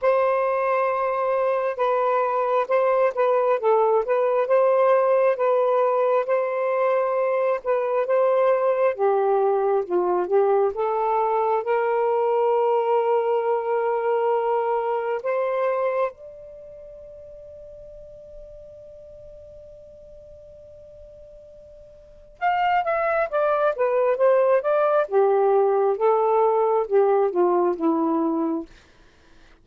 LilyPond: \new Staff \with { instrumentName = "saxophone" } { \time 4/4 \tempo 4 = 67 c''2 b'4 c''8 b'8 | a'8 b'8 c''4 b'4 c''4~ | c''8 b'8 c''4 g'4 f'8 g'8 | a'4 ais'2.~ |
ais'4 c''4 d''2~ | d''1~ | d''4 f''8 e''8 d''8 b'8 c''8 d''8 | g'4 a'4 g'8 f'8 e'4 | }